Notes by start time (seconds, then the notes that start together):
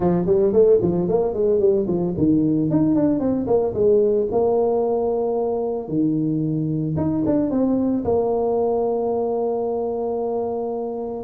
0.00 F3
0.26 G3
0.53 A3
0.82 F3
1.08 A#3
1.33 G#3
1.59 G3
1.87 F3
2.17 D#3
2.70 D#4
2.95 D4
3.19 C4
3.47 A#3
3.74 G#3
4.31 A#3
5.88 D#3
6.96 D#4
7.26 D4
7.50 C4
8.04 A#3